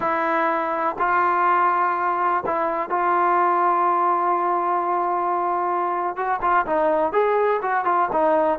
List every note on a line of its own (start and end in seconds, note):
0.00 0.96 E4
0.98 2.43 F4
2.45 2.89 E4
2.89 6.16 F4
6.16 6.40 F#4
6.41 6.65 F4
6.66 7.12 D#4
7.12 7.60 G#4
7.62 7.84 F#4
7.84 8.09 F4
8.12 8.59 D#4